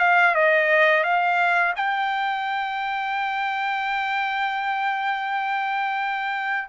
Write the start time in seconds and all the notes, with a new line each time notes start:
0.00 F5
0.35 D#5
1.04 F5
1.76 G5